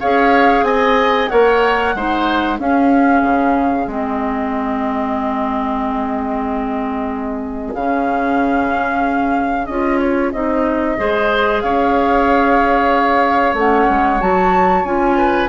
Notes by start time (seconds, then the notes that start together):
0.00 C#4 G#4 C#5 F5
0.63 C4 D#5 G#5
1.28 A#3 A#4 C#5 F#5
1.95 G#3 D#4 C5
2.59 C#4 G#4 F5
3.22 C#3
3.87 G#3 C4 D#5
7.74 C#3 C#4 F5
9.66 C#4 F4 D#5
9.99 C#5
10.32 C4 D#4 D#5
10.97 G#3 G#4 C5
11.61 C#4 C#5 F5
13.54 A3 C#4 F#5
13.90 G#3
14.20 F#3 F#4 A5
14.84 C#4 F4 G#5
15.17 B4